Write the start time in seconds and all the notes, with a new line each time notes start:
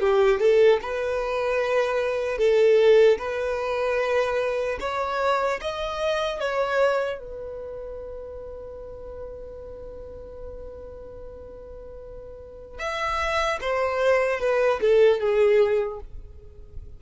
0.00 G4
0.40 A4
0.82 B4
2.38 A4
3.18 B4
4.80 C#5
5.61 D#5
6.40 C#5
7.19 B4
12.79 E5
13.61 C5
14.40 B4
14.81 A4
15.20 G#4